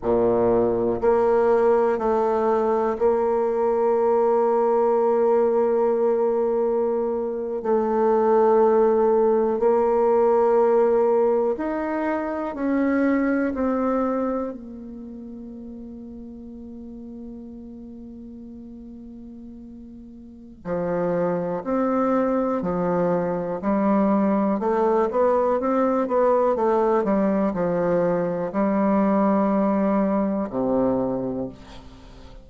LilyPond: \new Staff \with { instrumentName = "bassoon" } { \time 4/4 \tempo 4 = 61 ais,4 ais4 a4 ais4~ | ais2.~ ais8. a16~ | a4.~ a16 ais2 dis'16~ | dis'8. cis'4 c'4 ais4~ ais16~ |
ais1~ | ais4 f4 c'4 f4 | g4 a8 b8 c'8 b8 a8 g8 | f4 g2 c4 | }